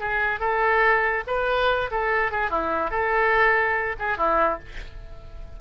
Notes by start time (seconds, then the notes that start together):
0.00 G#4
0.40 A4
1.27 B4
1.91 A4
2.32 G#4
2.50 E4
2.91 A4
3.99 G#4
4.17 E4